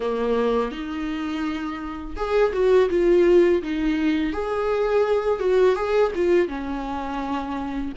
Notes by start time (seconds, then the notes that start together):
0.00 A#3
0.71 D#4
2.16 G#4
2.53 F#4
2.89 F4
3.62 D#4
4.32 G#4
5.39 F#4
5.75 G#4
6.15 F4
6.47 C#4